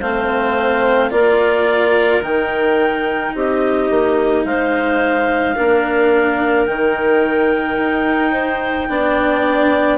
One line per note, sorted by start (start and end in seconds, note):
0.00 1.12 A3
0.00 1.10 C4
0.00 1.11 C5
0.00 1.11 F5
1.10 2.22 A#3
1.10 2.22 F4
1.10 3.34 A#4
1.10 2.22 D5
2.22 3.33 D#3
2.22 5.55 D#4
2.22 3.35 G5
3.35 3.91 C4
3.35 4.47 G4
3.35 4.46 D#5
3.91 4.45 A#3
4.45 5.56 G#3
4.45 5.56 C5
4.45 6.66 F5
5.56 6.67 A#3
5.56 6.67 D4
5.56 8.31 A#4
6.66 7.78 D#3
6.66 8.89 D#4
6.66 9.98 G5
7.79 8.90 D#4
8.31 8.87 C5
8.89 9.98 B3
8.89 9.98 D4
8.89 9.98 D5